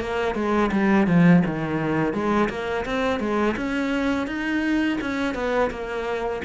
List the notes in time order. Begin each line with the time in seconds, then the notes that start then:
0.00 A#3
0.35 G#3
0.72 G3
1.07 F3
1.46 D#3
2.13 G#3
2.49 A#3
2.85 C4
3.19 G#3
3.56 C#4
4.27 D#4
5.01 C#4
5.35 B3
5.70 A#3